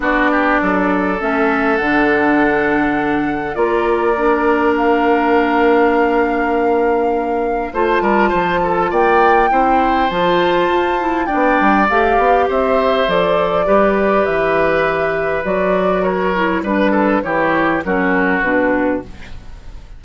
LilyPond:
<<
  \new Staff \with { instrumentName = "flute" } { \time 4/4 \tempo 4 = 101 d''2 e''4 fis''4~ | fis''2 d''2 | f''1~ | f''4 a''2 g''4~ |
g''4 a''2 g''4 | f''4 e''4 d''2 | e''2 d''4 cis''4 | b'4 cis''4 ais'4 b'4 | }
  \new Staff \with { instrumentName = "oboe" } { \time 4/4 fis'8 g'8 a'2.~ | a'2 ais'2~ | ais'1~ | ais'4 c''8 ais'8 c''8 a'8 d''4 |
c''2. d''4~ | d''4 c''2 b'4~ | b'2. ais'4 | b'8 a'8 g'4 fis'2 | }
  \new Staff \with { instrumentName = "clarinet" } { \time 4/4 d'2 cis'4 d'4~ | d'2 f'4 d'4~ | d'1~ | d'4 f'2. |
e'4 f'4. e'8 d'4 | g'2 a'4 g'4~ | g'2 fis'4. e'8 | d'4 e'4 cis'4 d'4 | }
  \new Staff \with { instrumentName = "bassoon" } { \time 4/4 b4 fis4 a4 d4~ | d2 ais2~ | ais1~ | ais4 a8 g8 f4 ais4 |
c'4 f4 f'4 b8 g8 | a8 b8 c'4 f4 g4 | e2 fis2 | g4 e4 fis4 b,4 | }
>>